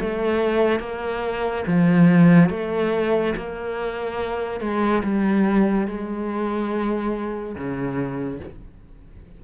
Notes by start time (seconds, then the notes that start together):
0.00 A3
0.80 A#3
1.67 F3
2.50 A3
3.36 A#3
4.60 G#3
5.04 G3
5.87 G#3
7.55 C#3